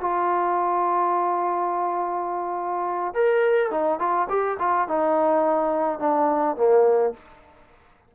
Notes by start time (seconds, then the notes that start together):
0.00 F4
3.14 A#4
3.70 D#4
3.99 F4
4.29 G4
4.59 F4
4.88 D#4
5.99 D4
6.56 A#3